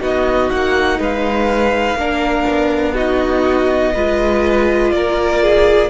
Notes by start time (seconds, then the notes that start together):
0.00 B3 D#4 F#4 D#5
0.50 A#3 F#5
0.99 G#3 B4 F5
1.95 A#3 D4 A#4
2.49 B3
2.94 D#4 F#4 D#5
3.94 G#3 F4 B4
4.92 A#3 A#4 D5
5.43 G#4